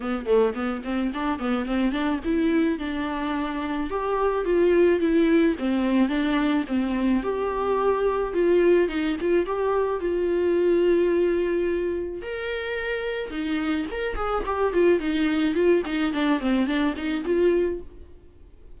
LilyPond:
\new Staff \with { instrumentName = "viola" } { \time 4/4 \tempo 4 = 108 b8 a8 b8 c'8 d'8 b8 c'8 d'8 | e'4 d'2 g'4 | f'4 e'4 c'4 d'4 | c'4 g'2 f'4 |
dis'8 f'8 g'4 f'2~ | f'2 ais'2 | dis'4 ais'8 gis'8 g'8 f'8 dis'4 | f'8 dis'8 d'8 c'8 d'8 dis'8 f'4 | }